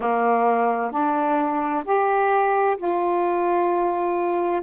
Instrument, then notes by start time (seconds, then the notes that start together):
saxophone
0.00 A#3
0.91 D4
1.84 G4
2.77 F4